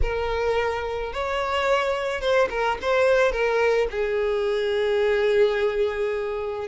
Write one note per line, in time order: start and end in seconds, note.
0.02 1.12 A#4
1.12 2.20 C#5
2.20 2.48 C5
2.50 2.78 A#4
2.81 3.32 C5
3.32 3.87 A#4
3.90 6.67 G#4